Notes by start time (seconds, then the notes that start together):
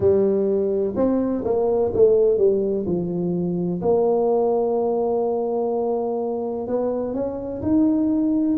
0.00 G3
0.96 C4
1.44 A#3
1.93 A3
2.37 G3
2.86 F3
3.81 A#3
6.67 B3
7.13 C#4
7.62 D#4